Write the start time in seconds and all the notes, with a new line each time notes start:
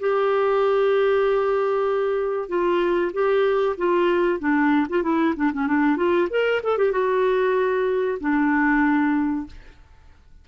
0.00 G4
2.49 F4
3.13 G4
3.78 F4
4.40 D4
4.89 F4
5.03 E4
5.36 D4
5.53 C#4
5.67 D4
5.97 F4
6.30 A#4
6.63 A4
6.78 G4
6.92 F#4
8.20 D4